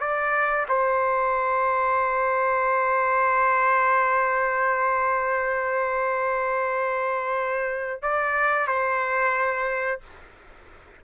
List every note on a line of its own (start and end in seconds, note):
0.00 0.67 D5
0.69 8.02 C5
8.02 8.68 D5
8.68 10.01 C5